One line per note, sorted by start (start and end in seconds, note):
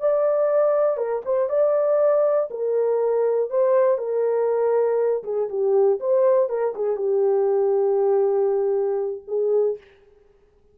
0.00 0.97 D5
0.97 1.22 A#4
1.25 1.49 C5
1.49 2.49 D5
2.50 3.50 A#4
3.50 3.98 C5
3.98 5.23 A#4
5.24 5.49 G#4
5.49 5.99 G4
6.00 6.49 C5
6.49 6.74 A#4
6.75 6.96 G#4
6.96 9.21 G4
9.28 9.78 G#4